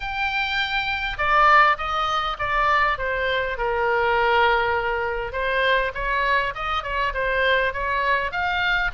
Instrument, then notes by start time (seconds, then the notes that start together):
oboe
0.00 G5
1.17 D5
1.77 D#5
2.38 D5
2.98 C5
3.57 A#4
5.32 C5
5.94 C#5
6.54 D#5
6.83 C#5
7.14 C5
7.73 C#5
8.31 F5